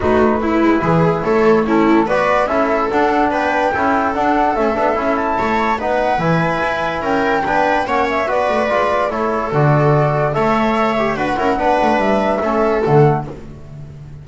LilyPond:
<<
  \new Staff \with { instrumentName = "flute" } { \time 4/4 \tempo 4 = 145 b'2. cis''4 | a'4 d''4 e''4 fis''4 | g''2 fis''4 e''4~ | e''8 a''4. fis''4 gis''4~ |
gis''4 g''2 fis''8 e''8 | d''2 cis''4 d''4~ | d''4 e''2 fis''4~ | fis''4 e''2 fis''4 | }
  \new Staff \with { instrumentName = "viola" } { \time 4/4 fis'4 e'4 gis'4 a'4 | e'4 b'4 a'2 | b'4 a'2.~ | a'4 cis''4 b'2~ |
b'4 ais'4 b'4 cis''4 | b'2 a'2~ | a'4 cis''2 b'8 ais'8 | b'2 a'2 | }
  \new Staff \with { instrumentName = "trombone" } { \time 4/4 dis'4 e'2. | cis'4 fis'4 e'4 d'4~ | d'4 e'4 d'4 cis'8 d'8 | e'2 dis'4 e'4~ |
e'2 d'4 cis'4 | fis'4 f'4 e'4 fis'4~ | fis'4 a'4. g'8 fis'8 e'8 | d'2 cis'4 a4 | }
  \new Staff \with { instrumentName = "double bass" } { \time 4/4 a4. gis8 e4 a4~ | a4 b4 cis'4 d'4 | b4 cis'4 d'4 a8 b8 | cis'4 a4 b4 e4 |
e'4 cis'4 b4 ais4 | b8 a8 gis4 a4 d4~ | d4 a2 d'8 cis'8 | b8 a8 g4 a4 d4 | }
>>